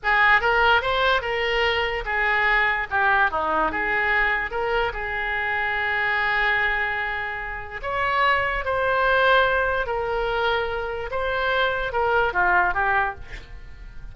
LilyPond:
\new Staff \with { instrumentName = "oboe" } { \time 4/4 \tempo 4 = 146 gis'4 ais'4 c''4 ais'4~ | ais'4 gis'2 g'4 | dis'4 gis'2 ais'4 | gis'1~ |
gis'2. cis''4~ | cis''4 c''2. | ais'2. c''4~ | c''4 ais'4 f'4 g'4 | }